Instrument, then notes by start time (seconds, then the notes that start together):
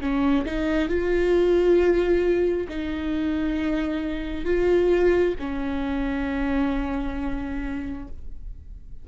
viola
0.00 C#4
0.45 D#4
0.88 F4
2.68 D#4
4.45 F4
5.39 C#4